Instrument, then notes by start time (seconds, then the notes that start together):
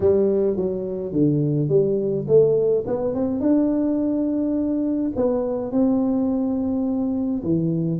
tuba
0.00 G3
0.56 F#3
1.12 D3
1.69 G3
2.27 A3
2.86 B3
3.14 C4
3.40 D4
5.16 B3
5.71 C4
7.43 E3